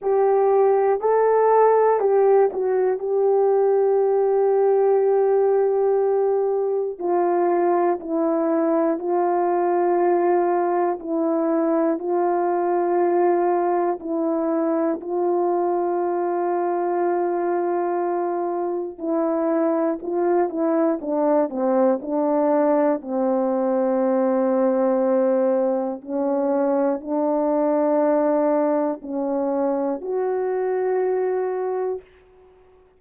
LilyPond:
\new Staff \with { instrumentName = "horn" } { \time 4/4 \tempo 4 = 60 g'4 a'4 g'8 fis'8 g'4~ | g'2. f'4 | e'4 f'2 e'4 | f'2 e'4 f'4~ |
f'2. e'4 | f'8 e'8 d'8 c'8 d'4 c'4~ | c'2 cis'4 d'4~ | d'4 cis'4 fis'2 | }